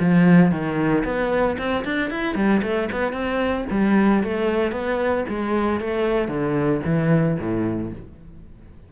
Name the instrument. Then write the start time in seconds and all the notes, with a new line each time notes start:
cello
0.00 F3
0.51 D#3
1.05 B3
1.58 C4
1.85 D4
2.11 E4
2.35 G3
2.63 A3
2.92 B3
3.13 C4
3.71 G3
4.24 A3
4.72 B3
5.29 G#3
5.80 A3
6.28 D3
6.85 E3
7.39 A2